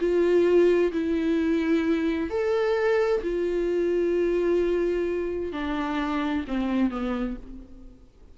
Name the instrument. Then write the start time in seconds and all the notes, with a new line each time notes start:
viola
0.00 F4
0.93 E4
2.30 A4
3.23 F4
5.53 D4
6.48 C4
6.91 B3